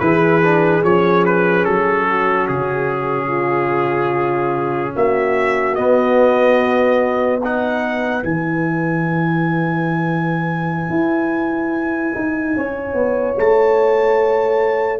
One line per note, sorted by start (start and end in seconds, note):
0.00 0.83 E3
0.00 0.42 E4
0.00 2.08 G#4
0.00 0.82 B4
0.43 0.84 D4
0.84 1.66 F3
0.84 5.77 C#4
0.84 1.25 C#5
1.26 1.65 B4
1.65 2.49 F#3
1.65 2.47 A4
2.08 3.27 F#4
2.48 4.96 C#3
2.48 4.94 G#4
3.27 4.92 F4
4.95 5.78 A#3
4.95 7.41 F#4
4.95 5.75 E5
5.75 7.41 B3
5.75 8.23 B3
5.75 7.40 D#5
7.41 8.22 D#4
7.41 12.54 B4
7.41 8.24 F#5
8.22 10.90 E3
8.22 15.00 E4
8.22 13.37 G#5
10.90 12.13 E4
12.15 12.56 D#4
12.57 12.94 C#4
12.57 15.00 C#5
12.94 13.35 B3
13.39 15.00 A3
13.39 15.00 A5